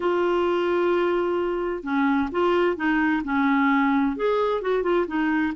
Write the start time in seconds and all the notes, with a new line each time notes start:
0.00 F4
1.83 C#4
2.31 F4
2.76 D#4
3.24 C#4
4.16 G#4
4.61 F#4
4.83 F4
5.07 D#4